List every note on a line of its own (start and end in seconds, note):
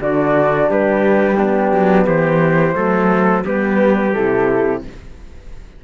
0.00 0.69 D3
0.00 1.36 D4
0.00 0.69 F#4
0.00 0.70 D5
0.69 1.71 G3
0.69 1.37 G4
0.69 1.34 B4
1.34 2.74 B3
1.34 2.06 D4
1.34 2.03 G4
1.71 2.06 F#3
2.06 2.75 E3
2.06 2.75 G4
2.06 3.45 C5
2.74 3.44 F#3
2.74 3.43 A3
2.74 3.44 A4
3.44 4.15 G3
3.44 4.13 B3
3.44 4.83 G4
3.44 4.13 B4
4.13 4.84 C3
4.13 4.83 E4
4.13 4.82 A4